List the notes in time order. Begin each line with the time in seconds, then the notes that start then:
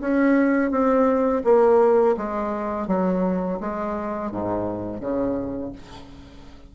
0.00 C#4
0.71 C4
1.44 A#3
2.17 G#3
2.87 F#3
3.60 G#3
4.31 G#2
5.00 C#3